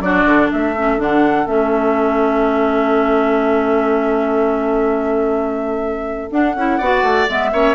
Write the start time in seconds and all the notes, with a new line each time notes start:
0.00 F#3 D4 F#4 D5
0.25 D3
0.50 A3 A4 E5
0.77 C#4
0.97 D3 D4 F#5
1.46 A3 C#4 E5
6.30 D4 F#5
6.55 C#4 E4
6.78 B3 F#4 D5
7.02 A3
7.28 G#3 B3 E5
7.52 A#3 C#4 C#5